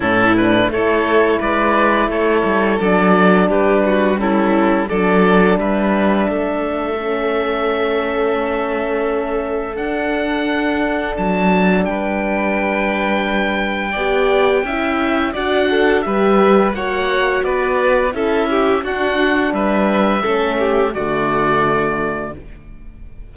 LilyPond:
<<
  \new Staff \with { instrumentName = "oboe" } { \time 4/4 \tempo 4 = 86 a'8 b'8 cis''4 d''4 cis''4 | d''4 b'4 a'4 d''4 | e''1~ | e''2 fis''2 |
a''4 g''2.~ | g''2 fis''4 e''4 | fis''4 d''4 e''4 fis''4 | e''2 d''2 | }
  \new Staff \with { instrumentName = "violin" } { \time 4/4 e'4 a'4 b'4 a'4~ | a'4 g'8 fis'8 e'4 a'4 | b'4 a'2.~ | a'1~ |
a'4 b'2. | d''4 e''4 d''8 a'8 b'4 | cis''4 b'4 a'8 g'8 fis'4 | b'4 a'8 g'8 fis'2 | }
  \new Staff \with { instrumentName = "horn" } { \time 4/4 cis'8 d'8 e'2. | d'2 cis'4 d'4~ | d'2 cis'2~ | cis'2 d'2~ |
d'1 | g'4 e'4 fis'4 g'4 | fis'2 e'4 d'4~ | d'4 cis'4 a2 | }
  \new Staff \with { instrumentName = "cello" } { \time 4/4 a,4 a4 gis4 a8 g8 | fis4 g2 fis4 | g4 a2.~ | a2 d'2 |
fis4 g2. | b4 cis'4 d'4 g4 | ais4 b4 cis'4 d'4 | g4 a4 d2 | }
>>